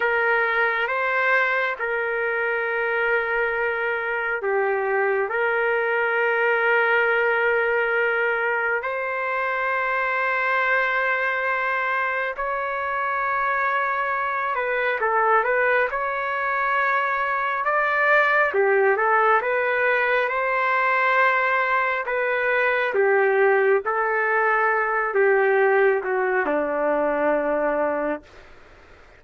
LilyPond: \new Staff \with { instrumentName = "trumpet" } { \time 4/4 \tempo 4 = 68 ais'4 c''4 ais'2~ | ais'4 g'4 ais'2~ | ais'2 c''2~ | c''2 cis''2~ |
cis''8 b'8 a'8 b'8 cis''2 | d''4 g'8 a'8 b'4 c''4~ | c''4 b'4 g'4 a'4~ | a'8 g'4 fis'8 d'2 | }